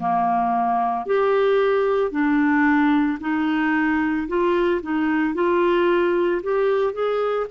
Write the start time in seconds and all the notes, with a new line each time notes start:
0.00 A#3
1.07 G4
2.11 D4
3.21 D#4
4.28 F4
4.83 D#4
5.35 F4
6.43 G4
6.94 G#4